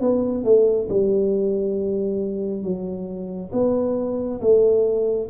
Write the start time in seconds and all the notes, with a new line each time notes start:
0.00 B3
0.44 A3
0.89 G3
2.63 F#3
3.52 B3
4.40 A3